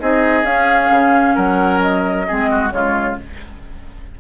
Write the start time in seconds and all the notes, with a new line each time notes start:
0.00 C4 D#4 G#4 D#5
0.44 C#4 F5
0.90 C#3
1.36 F#3 A#4 F#5
1.82 D#5
2.28 G#3 C4 G#4
2.50 F#4
2.70 C#3 G#3 F4 C#5